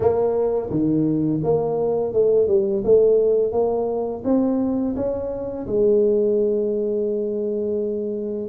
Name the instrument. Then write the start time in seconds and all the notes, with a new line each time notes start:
tuba
0.00 A#3
0.70 D#3
1.43 A#3
2.13 A3
2.47 G3
2.84 A3
3.52 A#3
4.24 C4
4.95 C#4
5.66 G#3